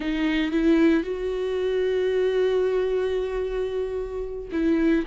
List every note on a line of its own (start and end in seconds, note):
0.00 0.51 D#4
0.51 1.03 E4
1.03 4.48 F#4
4.52 5.05 E4